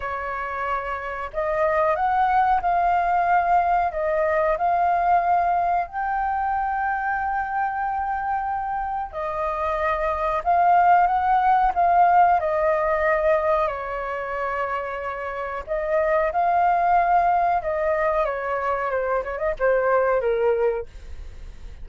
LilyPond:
\new Staff \with { instrumentName = "flute" } { \time 4/4 \tempo 4 = 92 cis''2 dis''4 fis''4 | f''2 dis''4 f''4~ | f''4 g''2.~ | g''2 dis''2 |
f''4 fis''4 f''4 dis''4~ | dis''4 cis''2. | dis''4 f''2 dis''4 | cis''4 c''8 cis''16 dis''16 c''4 ais'4 | }